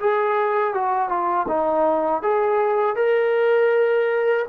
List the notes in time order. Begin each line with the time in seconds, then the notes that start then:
0.00 G#4
0.74 F#4
1.09 F4
1.48 D#4
2.22 G#4
2.96 A#4